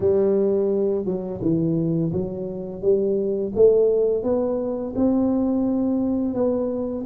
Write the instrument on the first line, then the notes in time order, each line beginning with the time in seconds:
tuba
0.00 G3
1.05 F#3
1.41 E3
2.12 F#3
2.81 G3
3.55 A3
4.23 B3
4.95 C4
6.34 B3